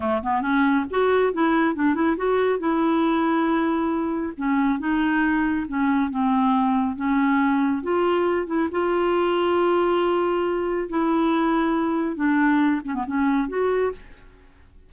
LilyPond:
\new Staff \with { instrumentName = "clarinet" } { \time 4/4 \tempo 4 = 138 a8 b8 cis'4 fis'4 e'4 | d'8 e'8 fis'4 e'2~ | e'2 cis'4 dis'4~ | dis'4 cis'4 c'2 |
cis'2 f'4. e'8 | f'1~ | f'4 e'2. | d'4. cis'16 b16 cis'4 fis'4 | }